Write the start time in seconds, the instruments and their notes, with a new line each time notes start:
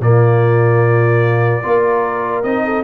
0.00 tuba A#2, trombone A#3, horn F4, trumpet D5
1.63 tuba A#3, trombone F4, horn A#4
2.43 tuba C4, trombone D#4, trumpet D#5
2.65 horn A4